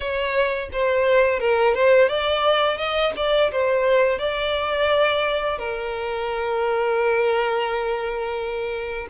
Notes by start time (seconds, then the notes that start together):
0.00 C#5
0.72 C5
1.39 A#4
1.74 C5
2.08 D5
2.77 D#5
3.16 D5
3.51 C5
4.19 D5
5.58 A#4